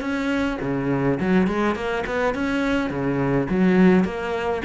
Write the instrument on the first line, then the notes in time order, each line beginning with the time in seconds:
cello
0.00 C#4
0.61 C#3
1.20 F#3
1.47 G#3
1.75 A#3
2.06 B3
2.34 C#4
2.90 C#3
3.50 F#3
4.04 A#3